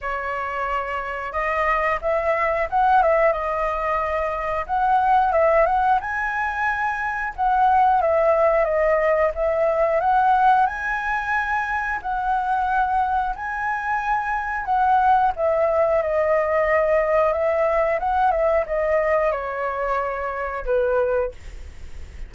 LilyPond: \new Staff \with { instrumentName = "flute" } { \time 4/4 \tempo 4 = 90 cis''2 dis''4 e''4 | fis''8 e''8 dis''2 fis''4 | e''8 fis''8 gis''2 fis''4 | e''4 dis''4 e''4 fis''4 |
gis''2 fis''2 | gis''2 fis''4 e''4 | dis''2 e''4 fis''8 e''8 | dis''4 cis''2 b'4 | }